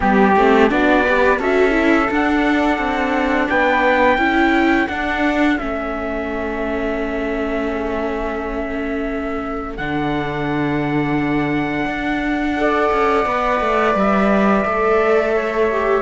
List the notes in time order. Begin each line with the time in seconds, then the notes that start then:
0.00 G3 B3 G4
0.36 A3 C4
0.69 B3 D4 F#4 D5
1.04 G4 B4
1.39 C#4 F#4 A4 E5
1.70 E4
2.10 D4 F#5
2.78 C4
3.49 B3 B4 G5
4.17 C#4 E4 A4
4.88 D4 F#5
5.58 A3 C#4 E5
9.76 D3 D4 F#5
11.85 D4
12.57 A4 D5
12.91 C#4
13.25 B3 B4
13.60 A3
13.94 G3 E5
14.65 A3 A4
15.35 C#5
15.71 G4